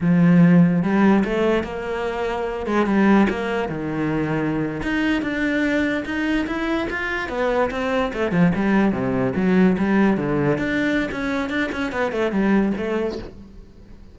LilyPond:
\new Staff \with { instrumentName = "cello" } { \time 4/4 \tempo 4 = 146 f2 g4 a4 | ais2~ ais8 gis8 g4 | ais4 dis2~ dis8. dis'16~ | dis'8. d'2 dis'4 e'16~ |
e'8. f'4 b4 c'4 a16~ | a16 f8 g4 c4 fis4 g16~ | g8. d4 d'4~ d'16 cis'4 | d'8 cis'8 b8 a8 g4 a4 | }